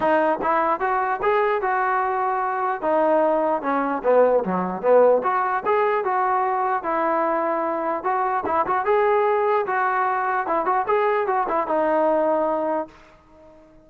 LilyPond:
\new Staff \with { instrumentName = "trombone" } { \time 4/4 \tempo 4 = 149 dis'4 e'4 fis'4 gis'4 | fis'2. dis'4~ | dis'4 cis'4 b4 fis4 | b4 fis'4 gis'4 fis'4~ |
fis'4 e'2. | fis'4 e'8 fis'8 gis'2 | fis'2 e'8 fis'8 gis'4 | fis'8 e'8 dis'2. | }